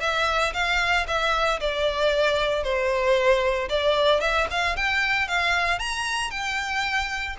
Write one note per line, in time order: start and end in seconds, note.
0.00 0.53 E5
0.53 1.06 F5
1.07 1.60 E5
1.60 2.63 D5
2.63 3.68 C5
3.69 4.20 D5
4.20 4.47 E5
4.50 4.76 F5
4.76 5.28 G5
5.28 5.79 F5
5.79 6.30 A#5
6.30 7.36 G5